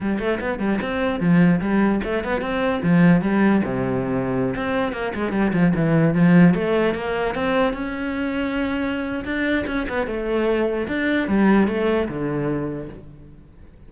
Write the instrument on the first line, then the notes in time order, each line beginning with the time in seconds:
cello
0.00 G3
0.19 A3
0.40 B3
0.59 G3
0.81 C4
1.20 F3
1.60 G3
2.04 A3
2.23 B3
2.41 C4
2.82 F3
3.21 G3
3.64 C3
4.56 C4
4.92 A#3
5.14 G#3
5.32 G3
5.53 F3
5.75 E3
6.14 F3
6.54 A3
6.94 A#3
7.35 C4
7.73 C#4
9.24 D4
9.66 C#4
9.88 B3
10.06 A3
10.87 D4
11.28 G3
11.67 A3
12.08 D3